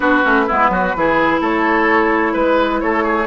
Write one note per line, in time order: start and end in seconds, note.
0.00 0.22 B3
0.00 0.23 D4
0.00 0.46 F#4
0.00 1.41 B4
0.23 0.48 A3
0.23 0.46 C#4
0.46 0.69 G#3
0.46 0.96 B3
0.46 0.70 E4
0.69 0.92 F#3
0.69 0.95 F#4
0.95 1.41 E3
0.95 3.27 E4
0.95 1.40 G#4
1.40 2.34 A3
1.40 2.33 A4
1.40 2.34 C#5
2.33 2.81 G#3
2.33 2.80 B4
2.80 3.27 A3
2.80 3.03 A4
2.80 3.27 C#5
3.03 3.26 G#4